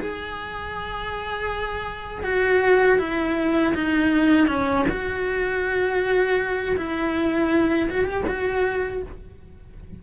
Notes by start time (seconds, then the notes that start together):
0.00 G#4
2.24 F#4
2.99 E4
3.74 D#4
4.47 C#4
4.89 F#4
6.77 E4
7.90 F#4
8.05 G4
8.27 F#4